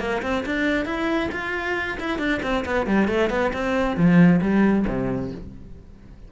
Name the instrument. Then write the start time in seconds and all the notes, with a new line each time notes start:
cello
0.00 A#3
0.23 C4
0.46 D4
0.86 E4
1.32 F4
2.00 E4
2.19 D4
2.43 C4
2.66 B3
2.87 G3
3.08 A3
3.30 B3
3.54 C4
3.97 F3
4.42 G3
4.88 C3